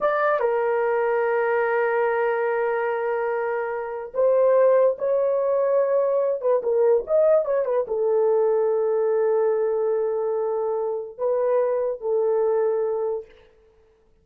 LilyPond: \new Staff \with { instrumentName = "horn" } { \time 4/4 \tempo 4 = 145 d''4 ais'2.~ | ais'1~ | ais'2 c''2 | cis''2.~ cis''8 b'8 |
ais'4 dis''4 cis''8 b'8 a'4~ | a'1~ | a'2. b'4~ | b'4 a'2. | }